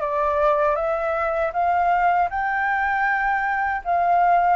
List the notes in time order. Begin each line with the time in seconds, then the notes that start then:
0.00 D5
0.75 E5
1.53 F5
2.30 G5
3.84 F5